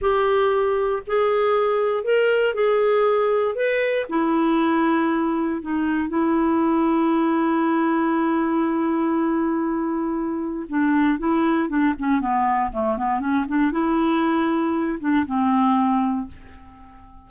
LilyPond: \new Staff \with { instrumentName = "clarinet" } { \time 4/4 \tempo 4 = 118 g'2 gis'2 | ais'4 gis'2 b'4 | e'2. dis'4 | e'1~ |
e'1~ | e'4 d'4 e'4 d'8 cis'8 | b4 a8 b8 cis'8 d'8 e'4~ | e'4. d'8 c'2 | }